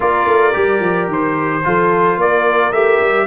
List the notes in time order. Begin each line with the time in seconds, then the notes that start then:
0.00 A#3 F4 A#4 D5
0.26 A3
0.52 G3 G4
0.80 F3
1.07 D#3 C5
1.64 F3 F4 A4
2.16 A#3 A#4 D5
2.71 A3 G4 E5
3.00 G3